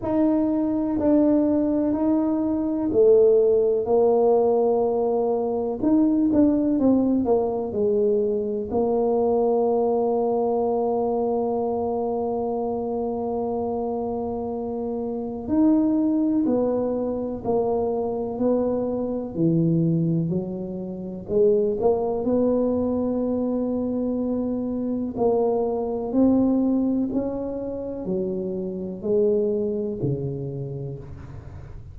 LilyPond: \new Staff \with { instrumentName = "tuba" } { \time 4/4 \tempo 4 = 62 dis'4 d'4 dis'4 a4 | ais2 dis'8 d'8 c'8 ais8 | gis4 ais2.~ | ais1 |
dis'4 b4 ais4 b4 | e4 fis4 gis8 ais8 b4~ | b2 ais4 c'4 | cis'4 fis4 gis4 cis4 | }